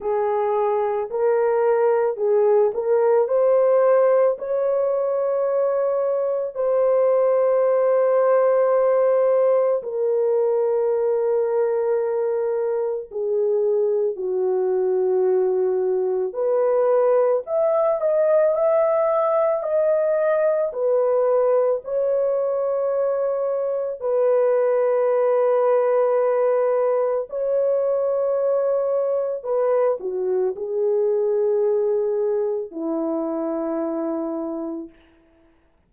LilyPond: \new Staff \with { instrumentName = "horn" } { \time 4/4 \tempo 4 = 55 gis'4 ais'4 gis'8 ais'8 c''4 | cis''2 c''2~ | c''4 ais'2. | gis'4 fis'2 b'4 |
e''8 dis''8 e''4 dis''4 b'4 | cis''2 b'2~ | b'4 cis''2 b'8 fis'8 | gis'2 e'2 | }